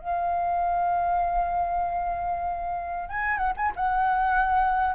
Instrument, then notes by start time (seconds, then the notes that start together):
flute
0.00 F5
3.10 G#5
3.38 F#5
3.57 G#5
3.76 F#5